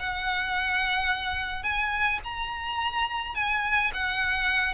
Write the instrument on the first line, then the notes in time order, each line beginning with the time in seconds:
violin
0.00 F#5
1.63 G#5
2.24 A#5
3.35 G#5
3.94 F#5